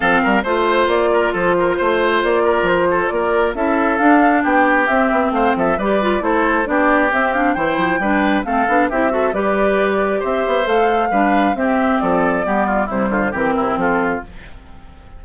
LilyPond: <<
  \new Staff \with { instrumentName = "flute" } { \time 4/4 \tempo 4 = 135 f''4 c''4 d''4 c''4~ | c''4 d''4 c''4 d''4 | e''4 f''4 g''4 e''4 | f''8 e''8 d''4 c''4 d''4 |
e''8 f''8 g''2 f''4 | e''4 d''2 e''4 | f''2 e''4 d''4~ | d''4 c''4 ais'4 a'4 | }
  \new Staff \with { instrumentName = "oboe" } { \time 4/4 a'8 ais'8 c''4. ais'8 a'8 ais'8 | c''4. ais'4 a'8 ais'4 | a'2 g'2 | c''8 a'8 b'4 a'4 g'4~ |
g'4 c''4 b'4 a'4 | g'8 a'8 b'2 c''4~ | c''4 b'4 g'4 a'4 | g'8 f'8 e'8 f'8 g'8 e'8 f'4 | }
  \new Staff \with { instrumentName = "clarinet" } { \time 4/4 c'4 f'2.~ | f'1 | e'4 d'2 c'4~ | c'4 g'8 f'8 e'4 d'4 |
c'8 d'8 e'4 d'4 c'8 d'8 | e'8 fis'8 g'2. | a'4 d'4 c'2 | b4 g4 c'2 | }
  \new Staff \with { instrumentName = "bassoon" } { \time 4/4 f8 g8 a4 ais4 f4 | a4 ais4 f4 ais4 | cis'4 d'4 b4 c'8 b8 | a8 f8 g4 a4 b4 |
c'4 e8 f8 g4 a8 b8 | c'4 g2 c'8 b8 | a4 g4 c'4 f4 | g4 c8 d8 e8 c8 f4 | }
>>